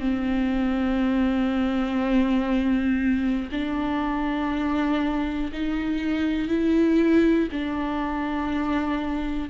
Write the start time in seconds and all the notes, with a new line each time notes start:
0.00 C4
3.52 D4
5.53 D#4
6.49 E4
7.52 D4